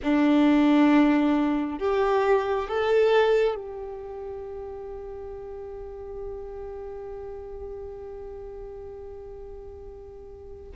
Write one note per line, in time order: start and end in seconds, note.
0.02 1.78 D4
1.78 2.68 G4
2.68 3.55 A4
3.55 10.71 G4